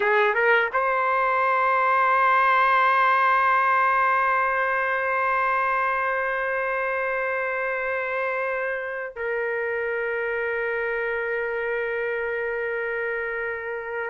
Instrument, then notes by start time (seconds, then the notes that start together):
trumpet
0.00 G#4
0.34 A#4
0.73 C5
9.15 A#4